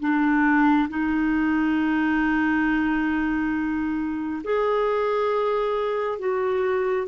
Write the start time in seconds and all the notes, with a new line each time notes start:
0.00 D4
0.89 D#4
4.44 G#4
6.19 F#4